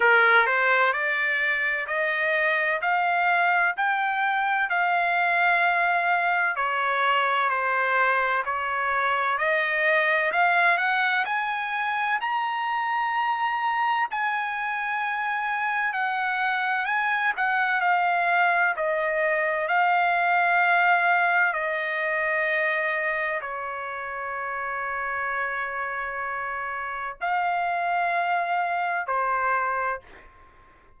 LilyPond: \new Staff \with { instrumentName = "trumpet" } { \time 4/4 \tempo 4 = 64 ais'8 c''8 d''4 dis''4 f''4 | g''4 f''2 cis''4 | c''4 cis''4 dis''4 f''8 fis''8 | gis''4 ais''2 gis''4~ |
gis''4 fis''4 gis''8 fis''8 f''4 | dis''4 f''2 dis''4~ | dis''4 cis''2.~ | cis''4 f''2 c''4 | }